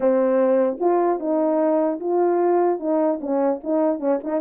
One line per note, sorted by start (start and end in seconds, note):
0.00 0.78 C4
0.79 1.19 F4
1.19 1.99 D#4
1.99 2.79 F4
2.79 3.19 D#4
3.20 3.60 C#4
3.63 3.99 D#4
3.99 4.19 C#4
4.23 4.40 D#4